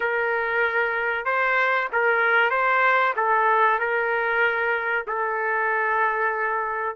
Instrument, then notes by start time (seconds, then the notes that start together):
trumpet
0.00 A#4
1.25 C5
1.92 A#4
2.50 C5
3.16 A4
3.79 A#4
5.07 A4